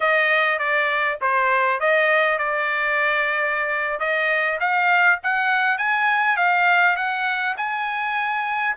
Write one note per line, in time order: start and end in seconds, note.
0.00 0.59 D#5
0.59 1.18 D5
1.21 1.80 C5
1.80 2.38 D#5
2.38 3.99 D5
3.99 4.59 D#5
4.60 5.19 F5
5.23 5.78 F#5
5.78 6.36 G#5
6.36 6.96 F5
6.96 7.56 F#5
7.57 8.75 G#5